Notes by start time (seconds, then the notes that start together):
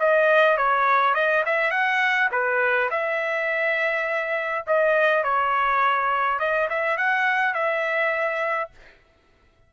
0.00 D#5
0.58 C#5
1.15 D#5
1.46 E5
1.71 F#5
2.32 B4
2.91 E5
4.67 D#5
5.24 C#5
6.40 D#5
6.70 E5
6.98 F#5
7.55 E5